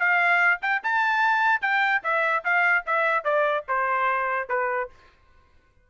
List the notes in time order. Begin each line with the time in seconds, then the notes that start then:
0.00 F5
0.62 G5
0.84 A5
1.62 G5
2.04 E5
2.45 F5
2.87 E5
3.25 D5
3.69 C5
4.50 B4